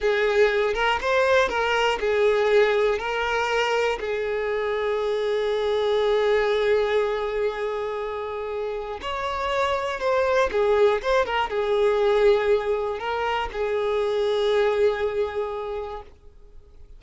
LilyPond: \new Staff \with { instrumentName = "violin" } { \time 4/4 \tempo 4 = 120 gis'4. ais'8 c''4 ais'4 | gis'2 ais'2 | gis'1~ | gis'1~ |
gis'2 cis''2 | c''4 gis'4 c''8 ais'8 gis'4~ | gis'2 ais'4 gis'4~ | gis'1 | }